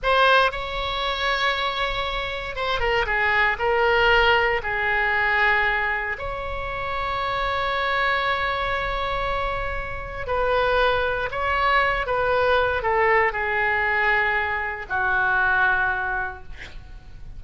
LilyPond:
\new Staff \with { instrumentName = "oboe" } { \time 4/4 \tempo 4 = 117 c''4 cis''2.~ | cis''4 c''8 ais'8 gis'4 ais'4~ | ais'4 gis'2. | cis''1~ |
cis''1 | b'2 cis''4. b'8~ | b'4 a'4 gis'2~ | gis'4 fis'2. | }